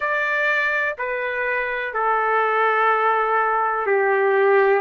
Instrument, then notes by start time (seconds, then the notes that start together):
trumpet
0.00 D5
0.98 B4
1.93 A4
3.86 G4